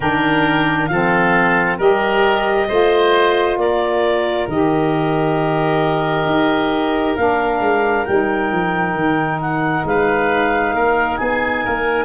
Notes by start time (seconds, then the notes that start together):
0.00 D#3 D4 A#4 G5
0.86 F3 C4 A4 F5
1.77 G3 G4 A#4 D#5
2.68 A3 F4 C5
3.57 A#3 A#4 D5
4.47 D#3 G4 D#5
6.25 D#4
7.15 A#3 D4 F5
7.60 G#3
8.05 G3 D#4 G5
8.51 F3
8.93 D#3
9.40 F#5
9.84 G#3 B4 F5
10.73 A#3 A#4
11.16 B3 G#4 G#5
11.64 A#3 A#4